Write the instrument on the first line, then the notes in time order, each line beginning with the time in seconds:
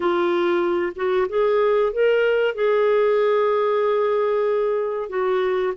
clarinet
0.00 F4
0.95 F#4
1.29 G#4
1.92 A#4
2.54 G#4
5.09 F#4